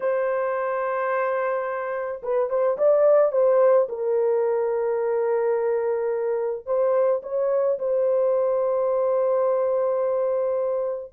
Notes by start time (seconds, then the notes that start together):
0.00 C5
2.22 B4
2.49 C5
2.77 D5
3.32 C5
3.88 A#4
6.66 C5
7.22 C#5
7.79 C5